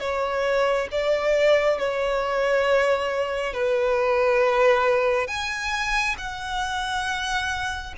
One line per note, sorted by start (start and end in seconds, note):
0.00 0.88 C#5
0.92 1.79 D5
1.79 3.54 C#5
3.54 5.27 B4
5.27 6.16 G#5
6.18 7.95 F#5